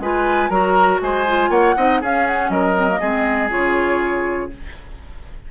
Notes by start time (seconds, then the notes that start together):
0.00 G#3 F4 B4 G#5
0.49 F#3 F#4 A#4 A#5
1.01 G#3 C5 G#5
1.28 F4
1.50 A#3 C#5 F#5
1.77 C4 D#4 D#5
2.01 C#4 G#4 F5
2.27 F#5
2.49 F#3 A#4 D#5
2.76 C4
2.88 A#3
3.00 G#3 C4 G#4
3.50 C#3 F4 C#5